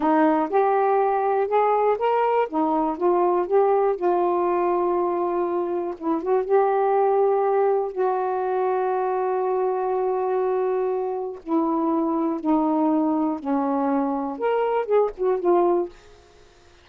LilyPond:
\new Staff \with { instrumentName = "saxophone" } { \time 4/4 \tempo 4 = 121 dis'4 g'2 gis'4 | ais'4 dis'4 f'4 g'4 | f'1 | e'8 fis'8 g'2. |
fis'1~ | fis'2. e'4~ | e'4 dis'2 cis'4~ | cis'4 ais'4 gis'8 fis'8 f'4 | }